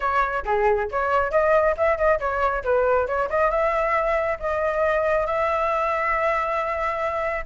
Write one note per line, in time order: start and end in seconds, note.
0.00 0.44 C#5
0.45 0.89 G#4
0.91 1.31 C#5
1.31 1.75 D#5
1.77 1.97 E5
1.97 2.19 D#5
2.19 2.63 C#5
2.63 3.07 B4
3.07 3.28 C#5
3.29 3.50 D#5
3.50 4.37 E5
4.39 5.26 D#5
5.26 7.45 E5